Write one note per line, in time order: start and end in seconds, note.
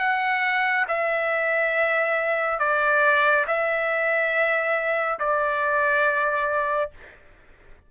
0.00 0.86 F#5
0.88 2.60 E5
2.60 3.46 D5
3.48 5.19 E5
5.20 6.91 D5